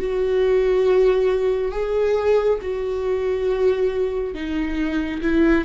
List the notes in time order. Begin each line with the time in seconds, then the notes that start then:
0.00 F#4
1.72 G#4
2.62 F#4
4.35 D#4
5.22 E4